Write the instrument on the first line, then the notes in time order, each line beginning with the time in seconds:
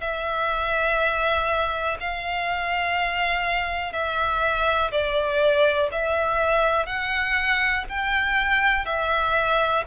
violin
0.00 E5
1.99 F5
3.92 E5
4.91 D5
5.91 E5
6.86 F#5
7.89 G5
8.85 E5